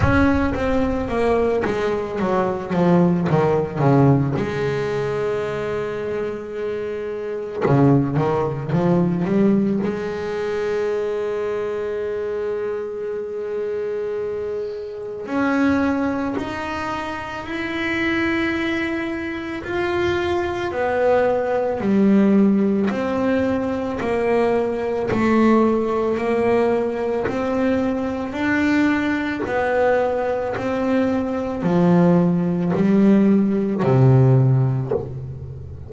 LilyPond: \new Staff \with { instrumentName = "double bass" } { \time 4/4 \tempo 4 = 55 cis'8 c'8 ais8 gis8 fis8 f8 dis8 cis8 | gis2. cis8 dis8 | f8 g8 gis2.~ | gis2 cis'4 dis'4 |
e'2 f'4 b4 | g4 c'4 ais4 a4 | ais4 c'4 d'4 b4 | c'4 f4 g4 c4 | }